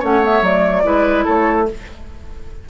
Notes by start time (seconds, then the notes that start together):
0.00 A3 C#4 C#5 F#5
0.23 B3 E5
0.42 F#3 A3 D5
0.84 G#3 E4 B4
1.25 A3 A4 C#5